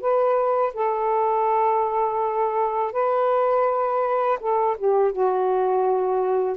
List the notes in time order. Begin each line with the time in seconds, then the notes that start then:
0.00 B4
0.74 A4
2.92 B4
4.40 A4
4.77 G4
5.12 F#4